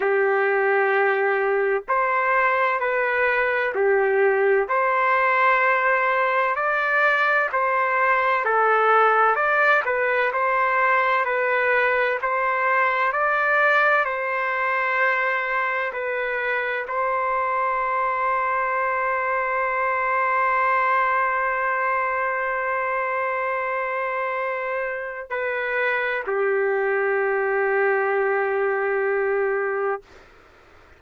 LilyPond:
\new Staff \with { instrumentName = "trumpet" } { \time 4/4 \tempo 4 = 64 g'2 c''4 b'4 | g'4 c''2 d''4 | c''4 a'4 d''8 b'8 c''4 | b'4 c''4 d''4 c''4~ |
c''4 b'4 c''2~ | c''1~ | c''2. b'4 | g'1 | }